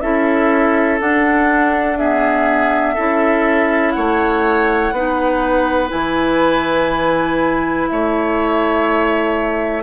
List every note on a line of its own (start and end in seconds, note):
0.00 1.00 C#4
0.00 1.00 E4
0.00 1.98 A4
0.00 0.98 E5
1.00 1.99 D4
1.00 2.97 D4
1.00 1.98 F#5
1.98 2.97 B3
1.98 2.94 G#4
1.98 3.91 E5
2.94 3.97 C#4
2.94 4.94 E4
2.94 3.92 A4
3.91 4.92 A3
3.91 4.94 C#5
3.91 5.88 F#5
4.92 5.90 B3
4.92 5.88 D#4
4.92 7.89 B4
5.88 7.89 E3
5.88 9.82 E4
5.88 7.87 G#5
7.87 9.83 A3
7.87 9.83 C#5
7.87 9.83 E5